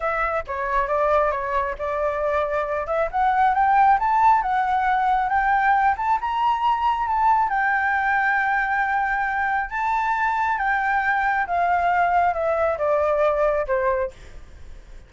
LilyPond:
\new Staff \with { instrumentName = "flute" } { \time 4/4 \tempo 4 = 136 e''4 cis''4 d''4 cis''4 | d''2~ d''8 e''8 fis''4 | g''4 a''4 fis''2 | g''4. a''8 ais''2 |
a''4 g''2.~ | g''2 a''2 | g''2 f''2 | e''4 d''2 c''4 | }